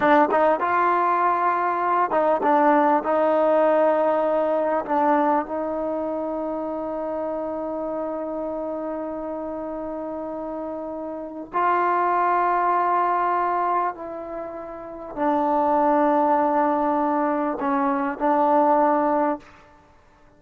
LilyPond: \new Staff \with { instrumentName = "trombone" } { \time 4/4 \tempo 4 = 99 d'8 dis'8 f'2~ f'8 dis'8 | d'4 dis'2. | d'4 dis'2.~ | dis'1~ |
dis'2. f'4~ | f'2. e'4~ | e'4 d'2.~ | d'4 cis'4 d'2 | }